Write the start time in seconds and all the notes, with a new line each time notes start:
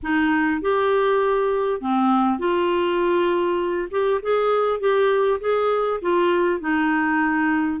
0.02 D#4
0.61 G4
1.80 C4
2.38 F4
3.91 G4
4.22 G#4
4.80 G4
5.40 G#4
6.01 F4
6.60 D#4